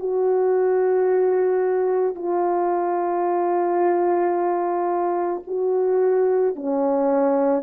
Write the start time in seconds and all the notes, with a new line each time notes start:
0.00 F#4
2.16 F4
5.48 F#4
6.56 C#4